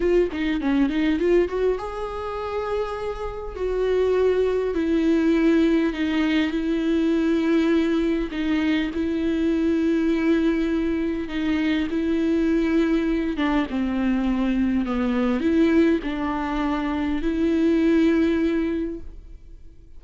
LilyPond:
\new Staff \with { instrumentName = "viola" } { \time 4/4 \tempo 4 = 101 f'8 dis'8 cis'8 dis'8 f'8 fis'8 gis'4~ | gis'2 fis'2 | e'2 dis'4 e'4~ | e'2 dis'4 e'4~ |
e'2. dis'4 | e'2~ e'8 d'8 c'4~ | c'4 b4 e'4 d'4~ | d'4 e'2. | }